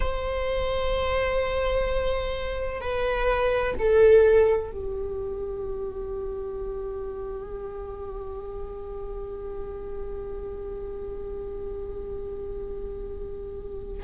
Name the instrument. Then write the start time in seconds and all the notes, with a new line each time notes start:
viola
0.00 C5
2.80 B4
3.78 A4
4.71 G4